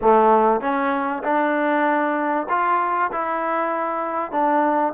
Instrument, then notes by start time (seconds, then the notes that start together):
trombone
0.01 A3
0.60 C#4
1.23 D4
2.49 F4
3.12 E4
4.31 D4